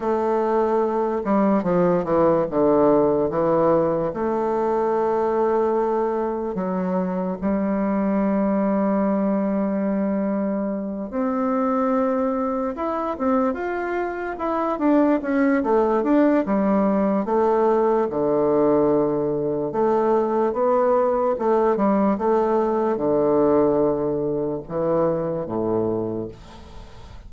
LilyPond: \new Staff \with { instrumentName = "bassoon" } { \time 4/4 \tempo 4 = 73 a4. g8 f8 e8 d4 | e4 a2. | fis4 g2.~ | g4. c'2 e'8 |
c'8 f'4 e'8 d'8 cis'8 a8 d'8 | g4 a4 d2 | a4 b4 a8 g8 a4 | d2 e4 a,4 | }